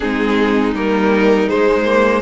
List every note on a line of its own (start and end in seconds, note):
0.00 0.74 G#3
0.00 0.74 C4
0.00 2.21 D#4
0.00 0.72 G#4
0.74 1.48 G3
0.74 1.46 A#3
0.74 1.48 A#4
1.46 1.83 G#3
1.46 2.21 C5
1.52 2.21 G#3
1.85 2.21 A#3